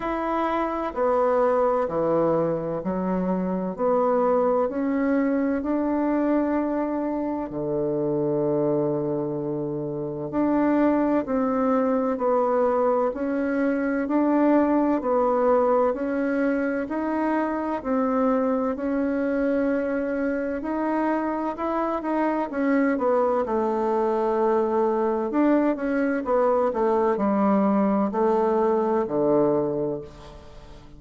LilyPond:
\new Staff \with { instrumentName = "bassoon" } { \time 4/4 \tempo 4 = 64 e'4 b4 e4 fis4 | b4 cis'4 d'2 | d2. d'4 | c'4 b4 cis'4 d'4 |
b4 cis'4 dis'4 c'4 | cis'2 dis'4 e'8 dis'8 | cis'8 b8 a2 d'8 cis'8 | b8 a8 g4 a4 d4 | }